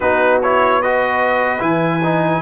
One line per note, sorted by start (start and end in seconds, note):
0.00 1.60 B3
0.00 0.42 D#4
0.00 0.80 F#4
0.00 0.40 B4
0.42 0.83 E4
0.42 0.81 C#5
0.80 1.59 F#4
0.80 2.42 B4
0.80 1.62 D#5
1.59 2.41 E3
1.59 1.99 E4
1.59 2.42 G#5
2.03 2.42 D#4